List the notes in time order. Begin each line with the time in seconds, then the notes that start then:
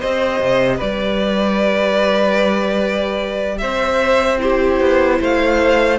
0.00 C4 G4 C5 D#5
0.40 C3
0.77 G3 B4 D5
3.58 C4 C5 E5
4.39 E4 G4 C5
4.80 B3
5.20 A3 C5 F5